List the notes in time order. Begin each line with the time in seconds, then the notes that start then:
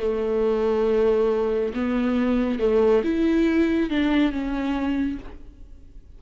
0.00 A3
1.74 B3
2.60 A3
3.04 E4
3.91 D4
4.32 C#4